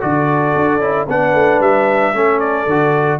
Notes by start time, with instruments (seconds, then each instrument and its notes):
0.00 tuba D3, trombone F#4, horn A4, trumpet D5
0.55 tuba D4
0.78 tuba C#4, trombone E4
1.08 tuba B3, trombone D4, horn B4, trumpet F#5
1.33 tuba A3
1.60 tuba G3, trumpet E5
2.12 tuba A3, trombone C#4, horn A4
2.39 trumpet D5
2.66 tuba D3, trombone F#4